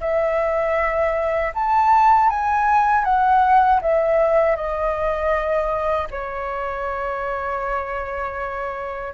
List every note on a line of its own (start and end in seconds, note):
0.00 1.52 E5
1.54 2.29 A5
2.29 3.04 G#5
3.04 3.80 F#5
3.81 4.55 E5
4.55 6.07 D#5
6.11 9.13 C#5